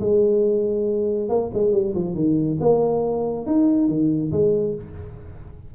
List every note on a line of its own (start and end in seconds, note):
0.00 1.29 G#3
1.29 1.50 A#3
1.53 1.72 G#3
1.72 1.94 G3
1.95 2.14 F3
2.14 2.58 D#3
2.60 3.46 A#3
3.46 3.88 D#4
3.88 4.31 D#3
4.31 4.74 G#3